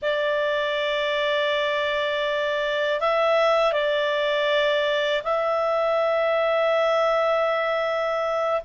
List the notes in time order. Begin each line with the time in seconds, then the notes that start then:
0.01 D5
3.00 E5
3.72 D5
5.23 E5